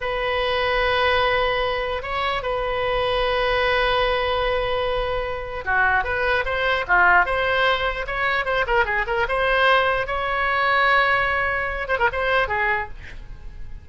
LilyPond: \new Staff \with { instrumentName = "oboe" } { \time 4/4 \tempo 4 = 149 b'1~ | b'4 cis''4 b'2~ | b'1~ | b'2 fis'4 b'4 |
c''4 f'4 c''2 | cis''4 c''8 ais'8 gis'8 ais'8 c''4~ | c''4 cis''2.~ | cis''4. c''16 ais'16 c''4 gis'4 | }